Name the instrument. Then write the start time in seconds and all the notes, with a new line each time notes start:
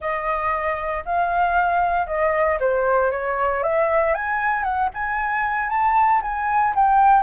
flute
0.00 D#5
1.05 F5
2.06 D#5
2.60 C5
3.11 C#5
3.63 E5
4.14 G#5
4.63 F#5
4.93 G#5
5.69 A5
6.22 G#5
6.75 G5